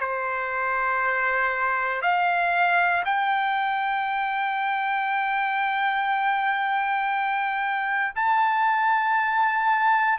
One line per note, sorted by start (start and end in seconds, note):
0.00 2.02 C5
2.02 3.04 F5
3.06 8.14 G5
8.16 10.19 A5